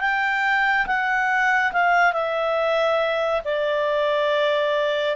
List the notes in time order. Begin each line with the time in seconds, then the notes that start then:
0.00 G5
0.86 F#5
1.72 F5
2.13 E5
3.44 D5